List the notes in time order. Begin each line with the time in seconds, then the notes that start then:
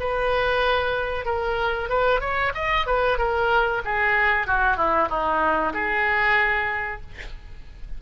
0.00 B4
1.26 A#4
1.90 B4
2.21 C#5
2.55 D#5
2.87 B4
3.18 A#4
3.85 G#4
4.47 F#4
4.77 E4
5.09 D#4
5.74 G#4